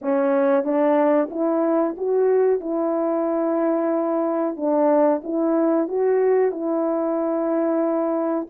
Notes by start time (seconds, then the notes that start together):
0.01 C#4
0.63 D4
1.30 E4
1.97 F#4
2.60 E4
4.56 D4
5.23 E4
5.88 F#4
6.51 E4